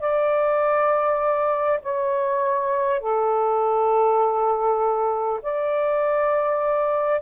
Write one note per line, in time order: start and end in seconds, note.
0.00 1.80 D5
1.83 3.01 C#5
3.01 5.41 A4
5.42 7.22 D5